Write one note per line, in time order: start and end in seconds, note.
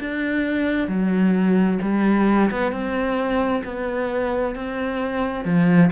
0.00 0.88 D4
0.88 1.79 F#3
1.82 2.50 G3
2.51 2.72 B3
2.72 3.63 C4
3.64 4.55 B3
4.55 5.45 C4
5.45 5.90 F3